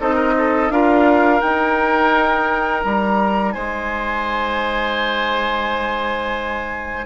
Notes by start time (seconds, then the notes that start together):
0.00 C4 D#4 A4 D#5
0.15 A#4
0.38 A4
0.70 D4 F4 A#4 F5
1.41 D#4 G5
2.83 G3 A#5
3.52 G#3 C5 G#5